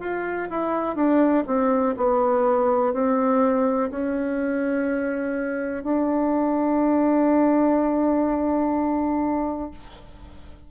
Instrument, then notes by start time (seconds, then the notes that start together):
bassoon
0.00 F4
0.50 E4
0.96 D4
1.47 C4
1.98 B3
2.94 C4
3.91 C#4
5.84 D4